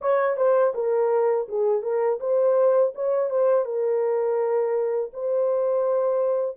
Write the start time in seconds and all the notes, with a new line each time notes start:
0.01 C#5
0.37 C5
0.74 A#4
1.48 G#4
1.82 A#4
2.20 C5
2.94 C#5
3.29 C5
3.65 A#4
5.13 C5